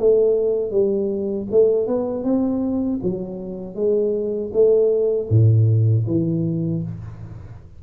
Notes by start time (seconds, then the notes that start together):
0.00 A3
0.71 G3
1.51 A3
1.87 B3
2.24 C4
3.03 F#3
3.75 G#3
4.53 A3
5.30 A2
6.08 E3